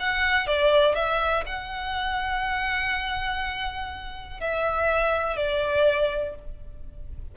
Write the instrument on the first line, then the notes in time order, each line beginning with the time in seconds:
violin
0.00 F#5
0.47 D5
0.95 E5
1.46 F#5
4.40 E5
5.37 D5